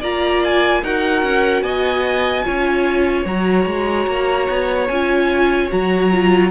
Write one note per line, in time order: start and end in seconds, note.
0.00 0.82 A#3
0.00 0.83 F4
0.00 0.81 D5
0.00 0.43 A#5
0.44 0.84 G#5
0.83 1.23 D#4
0.83 2.44 F#4
0.83 1.63 A#4
0.83 1.62 F#5
1.23 1.62 C#4
1.62 2.43 B3
1.62 2.44 D#5
1.62 3.24 G#5
2.44 3.25 C#4
2.44 3.25 F4
2.44 6.50 C#5
3.25 3.65 F#3
3.25 4.89 F#4
3.25 4.87 A#5
3.66 4.06 G#3
4.07 4.48 A#3
4.49 4.89 B3
4.87 5.70 C#4
4.87 5.68 F4
4.87 5.68 G#5
5.68 6.51 F#3
5.68 6.09 F#4
5.68 6.51 A#5
6.11 6.51 F4